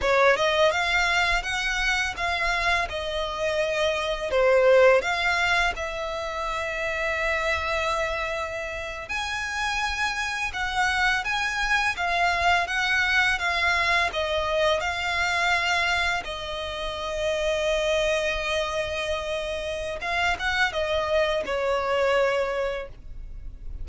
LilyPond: \new Staff \with { instrumentName = "violin" } { \time 4/4 \tempo 4 = 84 cis''8 dis''8 f''4 fis''4 f''4 | dis''2 c''4 f''4 | e''1~ | e''8. gis''2 fis''4 gis''16~ |
gis''8. f''4 fis''4 f''4 dis''16~ | dis''8. f''2 dis''4~ dis''16~ | dis''1 | f''8 fis''8 dis''4 cis''2 | }